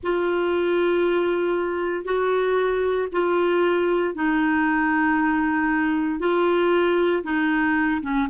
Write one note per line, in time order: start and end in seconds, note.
0.03 2.05 F4
2.05 3.08 F#4
3.12 4.14 F4
4.14 6.19 D#4
6.19 7.23 F4
7.23 8.01 D#4
8.02 8.28 C#4